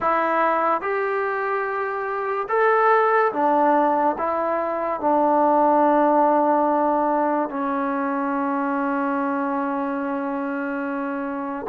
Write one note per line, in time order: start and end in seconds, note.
0.00 0.81 E4
0.81 2.47 G4
2.48 3.32 A4
3.32 4.16 D4
4.18 5.00 E4
5.00 7.49 D4
7.49 11.66 C#4